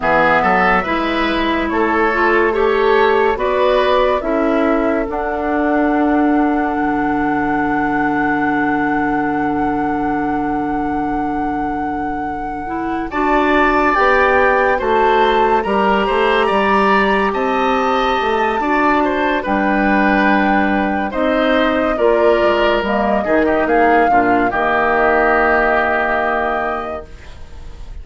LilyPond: <<
  \new Staff \with { instrumentName = "flute" } { \time 4/4 \tempo 4 = 71 e''2 cis''4 a'4 | d''4 e''4 fis''2~ | fis''1~ | fis''2.~ fis''8 a''8~ |
a''8 g''4 a''4 ais''4.~ | ais''8 a''2~ a''8 g''4~ | g''4 dis''4 d''4 dis''4 | f''4 dis''2. | }
  \new Staff \with { instrumentName = "oboe" } { \time 4/4 gis'8 a'8 b'4 a'4 cis''4 | b'4 a'2.~ | a'1~ | a'2.~ a'8 d''8~ |
d''4. c''4 ais'8 c''8 d''8~ | d''8 dis''4. d''8 c''8 b'4~ | b'4 c''4 ais'4. gis'16 g'16 | gis'8 f'8 g'2. | }
  \new Staff \with { instrumentName = "clarinet" } { \time 4/4 b4 e'4. f'8 g'4 | fis'4 e'4 d'2~ | d'1~ | d'2. e'8 fis'8~ |
fis'8 g'4 fis'4 g'4.~ | g'2 fis'4 d'4~ | d'4 dis'4 f'4 ais8 dis'8~ | dis'8 d'8 ais2. | }
  \new Staff \with { instrumentName = "bassoon" } { \time 4/4 e8 fis8 gis4 a2 | b4 cis'4 d'2 | d1~ | d2.~ d8 d'8~ |
d'8 b4 a4 g8 a8 g8~ | g8 c'4 a8 d'4 g4~ | g4 c'4 ais8 gis8 g8 dis8 | ais8 ais,8 dis2. | }
>>